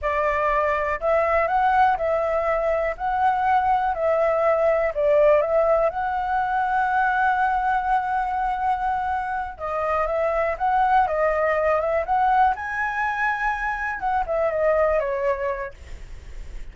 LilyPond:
\new Staff \with { instrumentName = "flute" } { \time 4/4 \tempo 4 = 122 d''2 e''4 fis''4 | e''2 fis''2 | e''2 d''4 e''4 | fis''1~ |
fis''2.~ fis''8 dis''8~ | dis''8 e''4 fis''4 dis''4. | e''8 fis''4 gis''2~ gis''8~ | gis''8 fis''8 e''8 dis''4 cis''4. | }